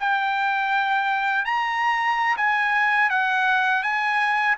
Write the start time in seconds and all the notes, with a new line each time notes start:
0.00 G5
1.45 A#5
2.37 G#5
3.10 F#5
3.83 G#5